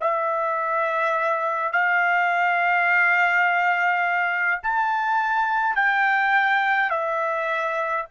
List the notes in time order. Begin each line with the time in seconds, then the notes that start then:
0.00 E5
1.72 F5
4.63 A5
5.75 G5
6.90 E5